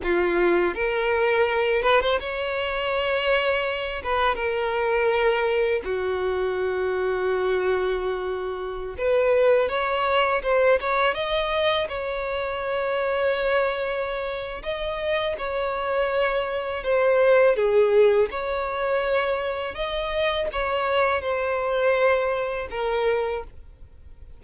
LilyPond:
\new Staff \with { instrumentName = "violin" } { \time 4/4 \tempo 4 = 82 f'4 ais'4. b'16 c''16 cis''4~ | cis''4. b'8 ais'2 | fis'1~ | fis'16 b'4 cis''4 c''8 cis''8 dis''8.~ |
dis''16 cis''2.~ cis''8. | dis''4 cis''2 c''4 | gis'4 cis''2 dis''4 | cis''4 c''2 ais'4 | }